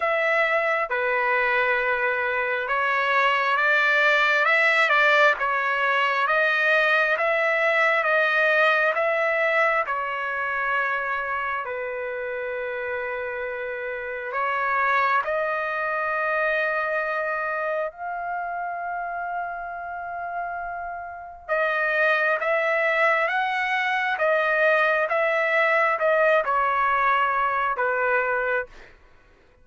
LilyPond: \new Staff \with { instrumentName = "trumpet" } { \time 4/4 \tempo 4 = 67 e''4 b'2 cis''4 | d''4 e''8 d''8 cis''4 dis''4 | e''4 dis''4 e''4 cis''4~ | cis''4 b'2. |
cis''4 dis''2. | f''1 | dis''4 e''4 fis''4 dis''4 | e''4 dis''8 cis''4. b'4 | }